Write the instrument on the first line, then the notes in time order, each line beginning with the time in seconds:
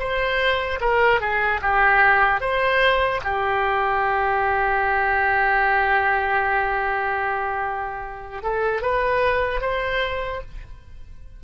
oboe
0.00 C5
0.81 A#4
1.21 G#4
1.62 G4
2.41 C5
3.24 G4
8.43 A4
8.82 B4
9.61 C5